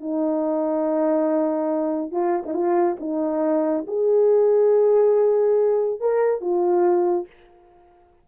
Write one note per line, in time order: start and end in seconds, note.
0.00 2.11 D#4
2.11 2.43 F4
2.45 2.54 D#4
2.54 2.96 F4
2.99 3.85 D#4
3.87 6.00 G#4
6.00 6.41 A#4
6.41 7.26 F4